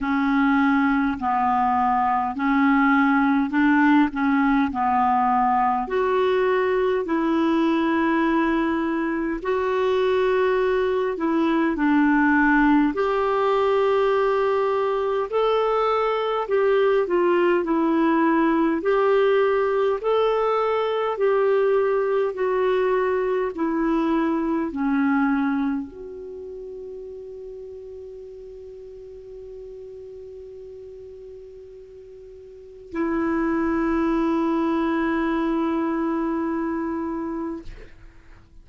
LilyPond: \new Staff \with { instrumentName = "clarinet" } { \time 4/4 \tempo 4 = 51 cis'4 b4 cis'4 d'8 cis'8 | b4 fis'4 e'2 | fis'4. e'8 d'4 g'4~ | g'4 a'4 g'8 f'8 e'4 |
g'4 a'4 g'4 fis'4 | e'4 cis'4 fis'2~ | fis'1 | e'1 | }